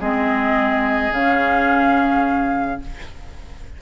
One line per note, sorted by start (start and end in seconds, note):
0.00 1.11 G#3
0.00 1.12 C4
0.00 2.80 G#4
0.00 1.13 D#5
1.11 2.79 C#3
1.11 2.81 C#4
1.11 2.82 F5